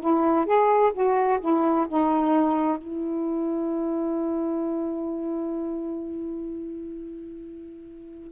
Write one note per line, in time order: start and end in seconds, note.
0.00 0.45 E4
0.45 0.91 G#4
0.93 1.39 F#4
1.40 1.86 E4
1.88 2.77 D#4
2.77 8.31 E4